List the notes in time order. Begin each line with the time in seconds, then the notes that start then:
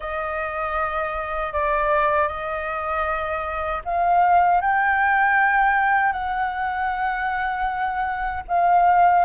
0.00 D#5
1.52 D5
2.28 D#5
3.84 F5
4.61 G5
6.12 F#5
8.48 F5